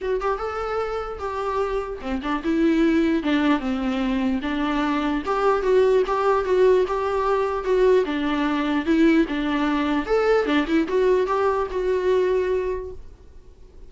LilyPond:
\new Staff \with { instrumentName = "viola" } { \time 4/4 \tempo 4 = 149 fis'8 g'8 a'2 g'4~ | g'4 c'8 d'8 e'2 | d'4 c'2 d'4~ | d'4 g'4 fis'4 g'4 |
fis'4 g'2 fis'4 | d'2 e'4 d'4~ | d'4 a'4 d'8 e'8 fis'4 | g'4 fis'2. | }